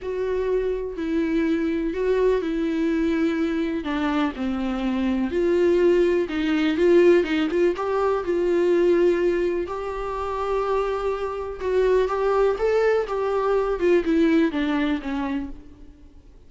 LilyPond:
\new Staff \with { instrumentName = "viola" } { \time 4/4 \tempo 4 = 124 fis'2 e'2 | fis'4 e'2. | d'4 c'2 f'4~ | f'4 dis'4 f'4 dis'8 f'8 |
g'4 f'2. | g'1 | fis'4 g'4 a'4 g'4~ | g'8 f'8 e'4 d'4 cis'4 | }